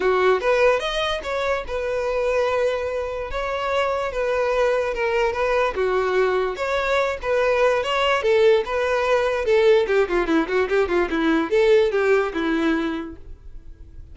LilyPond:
\new Staff \with { instrumentName = "violin" } { \time 4/4 \tempo 4 = 146 fis'4 b'4 dis''4 cis''4 | b'1 | cis''2 b'2 | ais'4 b'4 fis'2 |
cis''4. b'4. cis''4 | a'4 b'2 a'4 | g'8 f'8 e'8 fis'8 g'8 f'8 e'4 | a'4 g'4 e'2 | }